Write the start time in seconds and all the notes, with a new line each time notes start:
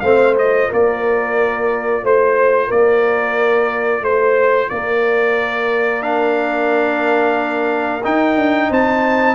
0.00 A3 C4 C5 F5
0.36 F4 D#5
0.69 A#3 A#4 D5
2.03 A3 C5
2.67 A#3 A#4 D5
4.01 A3 C5
4.69 A#3 A#4 D5
6.01 D4 F5
8.04 D#4 G5
8.36 D4
8.69 C4 C5 A5